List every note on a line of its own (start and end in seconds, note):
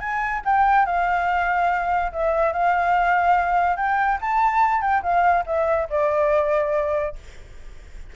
0.00 0.42 G#5
0.45 0.86 G5
0.86 2.12 F5
2.12 2.53 E5
2.53 3.77 F5
3.77 4.19 G5
4.21 4.82 A5
4.82 5.03 G5
5.03 5.45 F5
5.47 5.89 E5
5.90 7.16 D5